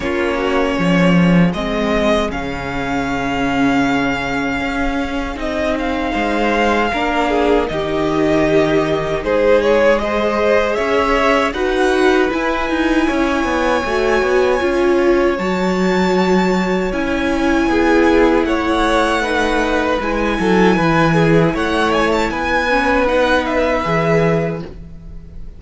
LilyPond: <<
  \new Staff \with { instrumentName = "violin" } { \time 4/4 \tempo 4 = 78 cis''2 dis''4 f''4~ | f''2. dis''8 f''8~ | f''2 dis''2 | c''8 cis''8 dis''4 e''4 fis''4 |
gis''1 | a''2 gis''2 | fis''2 gis''2 | fis''8 gis''16 a''16 gis''4 fis''8 e''4. | }
  \new Staff \with { instrumentName = "violin" } { \time 4/4 f'8 fis'8 gis'2.~ | gis'1 | c''4 ais'8 gis'8 g'2 | gis'4 c''4 cis''4 b'4~ |
b'4 cis''2.~ | cis''2. gis'4 | cis''4 b'4. a'8 b'8 gis'8 | cis''4 b'2. | }
  \new Staff \with { instrumentName = "viola" } { \time 4/4 cis'2 c'4 cis'4~ | cis'2. dis'4~ | dis'4 d'4 dis'2~ | dis'4 gis'2 fis'4 |
e'2 fis'4 f'4 | fis'2 e'2~ | e'4 dis'4 e'2~ | e'4. cis'8 dis'4 gis'4 | }
  \new Staff \with { instrumentName = "cello" } { \time 4/4 ais4 f4 gis4 cis4~ | cis2 cis'4 c'4 | gis4 ais4 dis2 | gis2 cis'4 dis'4 |
e'8 dis'8 cis'8 b8 a8 b8 cis'4 | fis2 cis'4 b4 | a2 gis8 fis8 e4 | a4 b2 e4 | }
>>